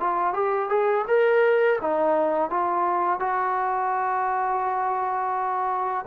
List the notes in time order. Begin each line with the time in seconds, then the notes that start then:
0.00 F4
0.34 G4
0.69 G#4
1.08 A#4
1.81 D#4
2.50 F4
3.20 F#4